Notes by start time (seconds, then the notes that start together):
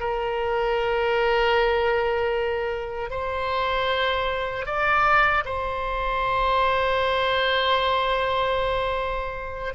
0.00 A#4
3.11 C5
4.66 D5
5.45 C5